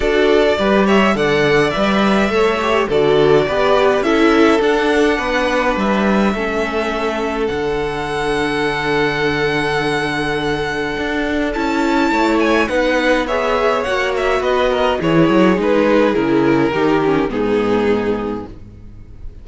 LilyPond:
<<
  \new Staff \with { instrumentName = "violin" } { \time 4/4 \tempo 4 = 104 d''4. e''8 fis''4 e''4~ | e''4 d''2 e''4 | fis''2 e''2~ | e''4 fis''2.~ |
fis''1 | a''4. gis''8 fis''4 e''4 | fis''8 e''8 dis''4 cis''4 b'4 | ais'2 gis'2 | }
  \new Staff \with { instrumentName = "violin" } { \time 4/4 a'4 b'8 cis''8 d''2 | cis''4 a'4 b'4 a'4~ | a'4 b'2 a'4~ | a'1~ |
a'1~ | a'4 cis''4 b'4 cis''4~ | cis''4 b'8 ais'8 gis'2~ | gis'4 g'4 dis'2 | }
  \new Staff \with { instrumentName = "viola" } { \time 4/4 fis'4 g'4 a'4 b'4 | a'8 g'8 fis'4 g'4 e'4 | d'2. cis'4~ | cis'4 d'2.~ |
d'1 | e'2 dis'4 gis'4 | fis'2 e'4 dis'4 | e'4 dis'8 cis'8 b2 | }
  \new Staff \with { instrumentName = "cello" } { \time 4/4 d'4 g4 d4 g4 | a4 d4 b4 cis'4 | d'4 b4 g4 a4~ | a4 d2.~ |
d2. d'4 | cis'4 a4 b2 | ais4 b4 e8 fis8 gis4 | cis4 dis4 gis,2 | }
>>